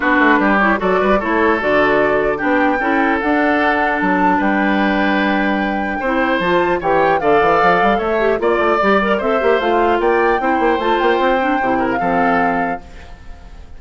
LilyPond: <<
  \new Staff \with { instrumentName = "flute" } { \time 4/4 \tempo 4 = 150 b'4. cis''8 d''4 cis''4 | d''2 g''2 | fis''2 a''4 g''4~ | g''1 |
a''4 g''4 f''2 | e''4 d''2 e''4 | f''4 g''2 a''8 g''8~ | g''4.~ g''16 f''2~ f''16 | }
  \new Staff \with { instrumentName = "oboe" } { \time 4/4 fis'4 g'4 a'8 b'8 a'4~ | a'2 g'4 a'4~ | a'2. b'4~ | b'2. c''4~ |
c''4 cis''4 d''2 | cis''4 d''2 c''4~ | c''4 d''4 c''2~ | c''4. ais'8 a'2 | }
  \new Staff \with { instrumentName = "clarinet" } { \time 4/4 d'4. e'8 fis'4 e'4 | fis'2 d'4 e'4 | d'1~ | d'2. e'4 |
f'4 g'4 a'2~ | a'8 g'8 f'4 g'8 ais'8 a'8 g'8 | f'2 e'4 f'4~ | f'8 d'8 e'4 c'2 | }
  \new Staff \with { instrumentName = "bassoon" } { \time 4/4 b8 a8 g4 fis8 g8 a4 | d2 b4 cis'4 | d'2 fis4 g4~ | g2. c'4 |
f4 e4 d8 e8 f8 g8 | a4 ais8 a8 g4 c'8 ais8 | a4 ais4 c'8 ais8 a8 ais8 | c'4 c4 f2 | }
>>